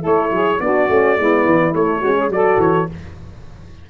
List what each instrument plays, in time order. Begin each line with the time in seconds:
0.00 tuba A3, horn E4, saxophone A4
0.06 trumpet C#5
0.30 tuba F#3, saxophone G#4
0.60 tuba B3, horn D4, saxophone F#4, trumpet D5
0.89 tuba A3, horn C#4
1.17 tuba G#3, horn B3, saxophone E4
1.45 tuba E3
1.74 tuba A3, horn A3, trumpet C#5
1.99 tuba G#3, horn C#4, saxophone F#4
2.17 saxophone G#4
2.29 tuba F#3, horn F#4, saxophone A4, trumpet D5
2.57 tuba E3, trumpet C#5